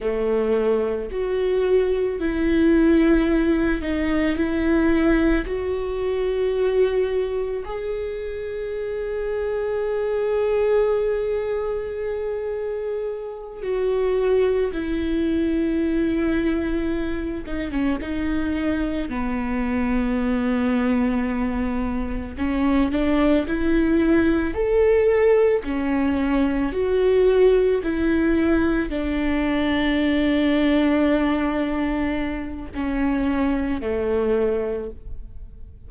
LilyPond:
\new Staff \with { instrumentName = "viola" } { \time 4/4 \tempo 4 = 55 a4 fis'4 e'4. dis'8 | e'4 fis'2 gis'4~ | gis'1~ | gis'8 fis'4 e'2~ e'8 |
dis'16 cis'16 dis'4 b2~ b8~ | b8 cis'8 d'8 e'4 a'4 cis'8~ | cis'8 fis'4 e'4 d'4.~ | d'2 cis'4 a4 | }